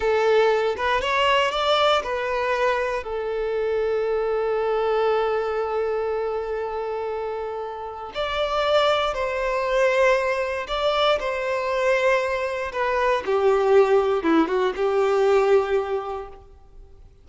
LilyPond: \new Staff \with { instrumentName = "violin" } { \time 4/4 \tempo 4 = 118 a'4. b'8 cis''4 d''4 | b'2 a'2~ | a'1~ | a'1 |
d''2 c''2~ | c''4 d''4 c''2~ | c''4 b'4 g'2 | e'8 fis'8 g'2. | }